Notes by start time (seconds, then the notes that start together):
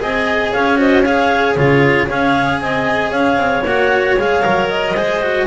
0.00 C4 G#4 D#5 G#5
0.52 C#4 C#5 F5
0.77 F#4 C5 D#5
1.04 G#4 C#5 F5
1.56 C#3 F4 G#4 C#5
2.07 C#4 G#4 C#5 F5
2.61 C4 D#5 G#5
3.12 C#4 C#5 F5
3.37 C4
3.64 A#3 F#4 F#5
4.18 G#3 G#4 F5
4.43 F#3 A#4
4.69 D#5
4.94 G#3 G#4 C5
5.23 F#4